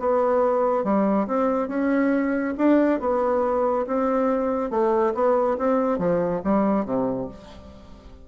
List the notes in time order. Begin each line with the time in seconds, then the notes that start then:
0.00 B3
0.84 G3
1.27 C4
1.69 C#4
2.58 D4
3.01 B3
3.87 C4
4.71 A3
5.15 B3
5.58 C4
5.99 F3
6.44 G3
6.86 C3